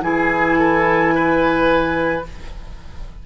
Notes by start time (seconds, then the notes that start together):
0.00 E3 E4 G#4 G#5
0.58 A4
1.15 B4